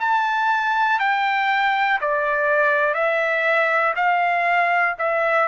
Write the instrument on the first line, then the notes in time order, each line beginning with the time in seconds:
trumpet
0.00 A5
0.99 G5
2.01 D5
2.94 E5
3.96 F5
4.99 E5